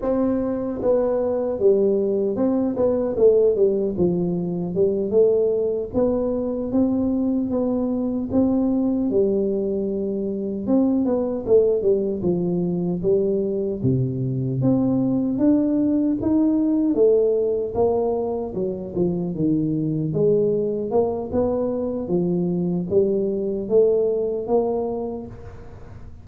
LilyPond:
\new Staff \with { instrumentName = "tuba" } { \time 4/4 \tempo 4 = 76 c'4 b4 g4 c'8 b8 | a8 g8 f4 g8 a4 b8~ | b8 c'4 b4 c'4 g8~ | g4. c'8 b8 a8 g8 f8~ |
f8 g4 c4 c'4 d'8~ | d'8 dis'4 a4 ais4 fis8 | f8 dis4 gis4 ais8 b4 | f4 g4 a4 ais4 | }